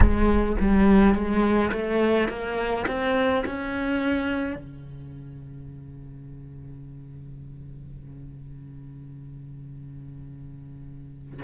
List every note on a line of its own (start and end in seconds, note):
0.00 0.56 G#3
0.60 1.14 G3
1.14 1.71 G#3
1.72 2.29 A3
2.29 2.86 A#3
2.87 3.44 C4
3.45 4.55 C#4
4.55 11.41 C#3